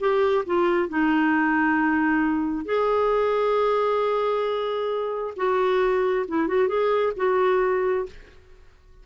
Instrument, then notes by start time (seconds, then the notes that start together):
clarinet
0.00 G4
0.46 F4
0.89 D#4
2.65 G#4
5.36 F#4
6.27 E4
6.47 F#4
6.68 G#4
7.16 F#4